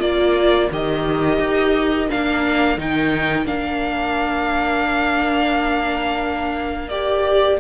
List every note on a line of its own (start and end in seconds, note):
0.00 0.70 A#3
0.00 0.69 F4
0.00 7.61 A#4
0.00 0.70 D5
0.72 1.40 D#3
0.72 2.10 G4
0.72 2.11 D#5
1.40 2.09 D#4
2.10 2.78 A#3
2.10 2.78 D4
2.10 2.80 F5
2.78 3.47 D#3
2.78 3.45 D#4
2.78 3.47 G5
3.45 7.61 A#3
3.45 6.90 D4
3.45 6.89 F5
6.89 7.60 G4
6.89 7.58 D5